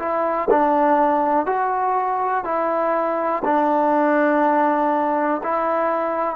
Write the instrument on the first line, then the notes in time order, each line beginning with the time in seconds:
trombone
0.00 E4
0.51 D4
1.47 F#4
2.45 E4
3.45 D4
5.44 E4